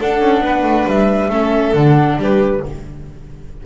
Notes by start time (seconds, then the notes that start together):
0.00 D4 A4 F#5
0.21 C#4
0.41 B3 B4
0.63 A3
0.86 G3 E5
1.30 A3 C#4 A4
1.74 D3 D4 F#5
2.17 G3 G4 B4